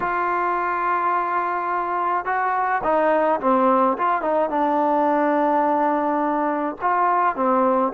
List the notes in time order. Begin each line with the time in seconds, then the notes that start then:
0.00 F4
2.25 F#4
2.83 D#4
3.40 C4
3.97 F4
4.21 D#4
4.49 D4
6.81 F4
7.35 C4